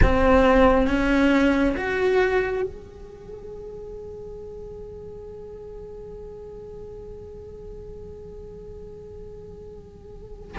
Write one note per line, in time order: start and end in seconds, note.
0.02 0.87 C4
0.87 1.75 C#4
1.76 2.62 F#4
2.62 10.56 G#4